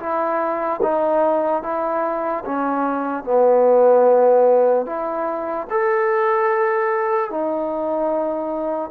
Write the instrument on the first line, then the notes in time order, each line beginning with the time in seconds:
trombone
0.00 E4
0.83 D#4
1.63 E4
2.46 C#4
3.25 B3
4.86 E4
5.71 A4
7.31 D#4